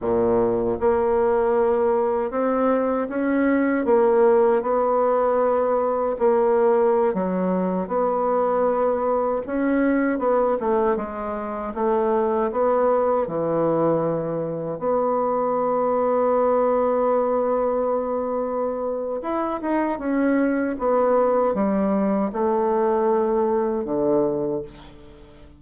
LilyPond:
\new Staff \with { instrumentName = "bassoon" } { \time 4/4 \tempo 4 = 78 ais,4 ais2 c'4 | cis'4 ais4 b2 | ais4~ ais16 fis4 b4.~ b16~ | b16 cis'4 b8 a8 gis4 a8.~ |
a16 b4 e2 b8.~ | b1~ | b4 e'8 dis'8 cis'4 b4 | g4 a2 d4 | }